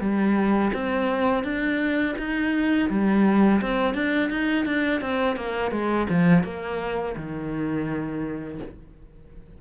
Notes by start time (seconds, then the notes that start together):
0.00 G3
0.73 C4
1.44 D4
2.18 D#4
2.90 G3
3.61 C4
3.94 D4
4.30 D#4
4.66 D4
5.01 C4
5.36 A#3
5.71 G#3
6.09 F3
6.44 A#3
7.16 D#3